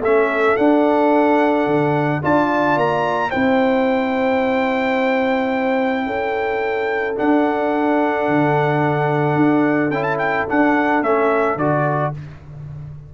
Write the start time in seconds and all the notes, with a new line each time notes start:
0.00 A3 C#4 A4 E5
0.57 D4 F#5
1.67 D3
2.22 D4 F4 D5 A5
2.77 A#3 A#5
3.30 C4 E4 C5 G5
6.07 C#4 A4
7.16 D4 F#5
8.29 D3
9.36 D4
9.90 C#4 E4 G5
10.03 A5
10.19 G5
10.48 D4 F#5
11.02 A3 C#4 E5
11.56 D3 F#4 D5